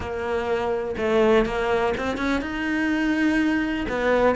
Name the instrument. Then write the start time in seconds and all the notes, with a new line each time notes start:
cello
0.00 A#3
0.97 A3
1.45 A#3
1.97 C4
2.17 C#4
2.41 D#4
3.88 B3